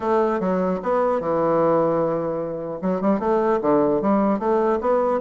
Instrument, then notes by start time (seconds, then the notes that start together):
bassoon
0.00 A3
0.40 F#3
0.83 B3
1.20 E3
2.81 F#3
3.01 G3
3.19 A3
3.61 D3
4.01 G3
4.39 A3
4.81 B3